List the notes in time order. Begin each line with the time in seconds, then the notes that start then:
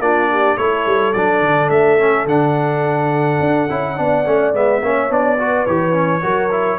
0.00 A#3 D4 F4 D5
0.31 G4
0.57 A3 E4 A4 C#5
0.86 G3
1.13 F#3 D4 D5
1.41 D3
1.70 A3 E5
1.99 C#4
2.26 D3 D4 F#5
3.41 D4
3.70 C#4 E4
3.97 B3 D4 D5
4.26 A3 C#4
4.54 G#3 B3 E5
4.82 A#3 C#4 C#5
5.10 B3 D4 D5
5.39 F#4 B4
5.67 E3 G4 C#5
5.93 C#4
6.22 F#3 F#4 A#4
6.51 E4